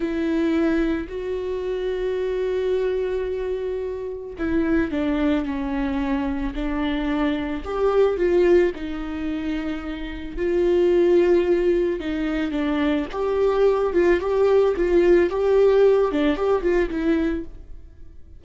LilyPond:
\new Staff \with { instrumentName = "viola" } { \time 4/4 \tempo 4 = 110 e'2 fis'2~ | fis'1 | e'4 d'4 cis'2 | d'2 g'4 f'4 |
dis'2. f'4~ | f'2 dis'4 d'4 | g'4. f'8 g'4 f'4 | g'4. d'8 g'8 f'8 e'4 | }